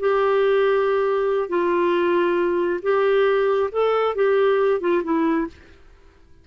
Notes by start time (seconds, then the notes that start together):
0.00 G4
1.49 F4
2.83 G4
3.72 A4
4.15 G4
4.81 F4
5.04 E4